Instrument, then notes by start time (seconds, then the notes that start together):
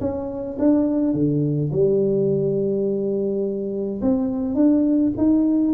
tuba
0.00 C#4
0.59 D4
1.14 D3
1.72 G3
4.01 C4
4.55 D4
5.17 D#4